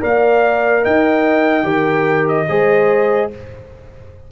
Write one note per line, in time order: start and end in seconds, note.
0.00 0.86 A#3
0.00 1.63 A#4
0.00 0.83 D5
0.00 0.84 F5
0.83 1.64 D#4
0.83 1.65 D#5
0.83 2.28 G5
1.63 2.46 D#3
1.63 2.45 G4
1.63 2.47 A#4
2.28 3.31 D#5
2.48 3.32 G#3
2.48 3.31 G#4
2.48 3.31 C5